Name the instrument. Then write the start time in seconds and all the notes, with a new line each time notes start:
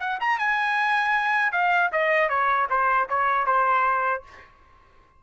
trumpet
0.00 F#5
0.21 A#5
0.38 G#5
1.52 F5
1.92 D#5
2.29 C#5
2.70 C5
3.09 C#5
3.46 C5